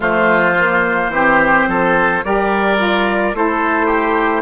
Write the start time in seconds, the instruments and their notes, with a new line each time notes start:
0.00 bassoon F3, saxophone A3, oboe F4, trumpet C5
0.58 saxophone A#3
1.08 bassoon E3, saxophone C4, oboe G4
1.67 bassoon F3, oboe A4
2.24 bassoon G3, saxophone G4, oboe A#4, trumpet D5
2.76 saxophone F4
3.33 bassoon A3, saxophone E4, oboe A4, trumpet C5
3.86 oboe G4